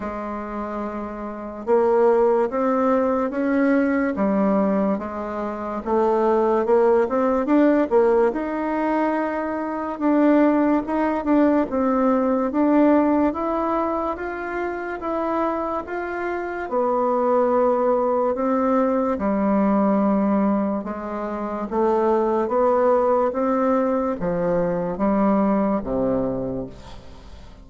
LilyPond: \new Staff \with { instrumentName = "bassoon" } { \time 4/4 \tempo 4 = 72 gis2 ais4 c'4 | cis'4 g4 gis4 a4 | ais8 c'8 d'8 ais8 dis'2 | d'4 dis'8 d'8 c'4 d'4 |
e'4 f'4 e'4 f'4 | b2 c'4 g4~ | g4 gis4 a4 b4 | c'4 f4 g4 c4 | }